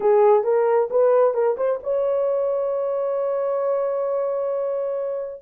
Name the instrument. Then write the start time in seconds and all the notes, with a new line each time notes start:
horn
0.00 G#4
0.43 A#4
0.90 B4
1.33 A#4
1.57 C5
1.83 C#5